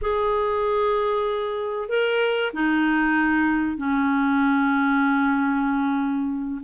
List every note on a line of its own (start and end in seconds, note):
0.01 1.88 G#4
1.88 2.51 A#4
2.53 3.77 D#4
3.77 6.61 C#4